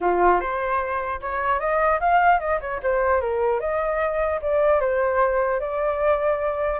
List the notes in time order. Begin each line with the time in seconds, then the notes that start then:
0.01 F4
0.40 C5
1.21 C#5
1.59 D#5
1.99 F5
2.39 D#5
2.61 C#5
2.83 C5
3.20 A#4
3.60 D#5
4.41 D5
4.80 C5
5.60 D5